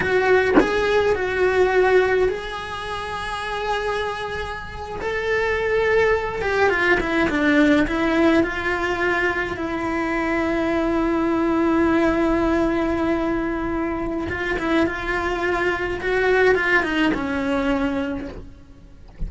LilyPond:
\new Staff \with { instrumentName = "cello" } { \time 4/4 \tempo 4 = 105 fis'4 gis'4 fis'2 | gis'1~ | gis'8. a'2~ a'8 g'8 f'16~ | f'16 e'8 d'4 e'4 f'4~ f'16~ |
f'8. e'2.~ e'16~ | e'1~ | e'4 f'8 e'8 f'2 | fis'4 f'8 dis'8 cis'2 | }